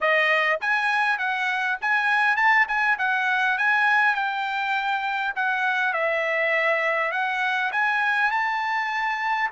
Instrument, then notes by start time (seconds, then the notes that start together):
trumpet
0.00 D#5
0.60 G#5
1.18 F#5
1.81 G#5
2.36 A5
2.68 G#5
2.98 F#5
3.58 G#5
4.14 G5
5.35 F#5
5.93 E5
7.11 F#5
7.72 G#5
8.31 A5